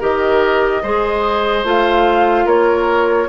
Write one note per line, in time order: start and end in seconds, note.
0.00 0.83 D#3
0.00 0.83 G4
0.00 0.82 A#4
0.00 1.66 D#5
0.83 1.64 G#3
0.83 1.65 G#4
0.83 2.46 C5
1.64 2.46 A3
1.64 3.29 F4
1.64 2.48 F5
2.46 3.28 A#3
2.46 3.28 A#4
2.46 3.29 C#5